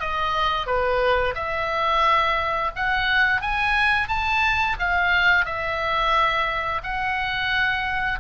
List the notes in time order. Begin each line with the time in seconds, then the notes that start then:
0.00 D#5
0.66 B4
1.35 E5
2.76 F#5
3.41 G#5
4.08 A5
4.79 F5
5.45 E5
6.83 F#5